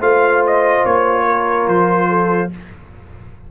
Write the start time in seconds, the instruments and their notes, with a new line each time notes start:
0.00 tuba A3, trombone F4, horn C5, trumpet F5
0.46 trumpet D#5
0.85 tuba A#3, trumpet C#5
1.25 horn A#4
1.67 tuba F3, trumpet C5
2.09 horn A4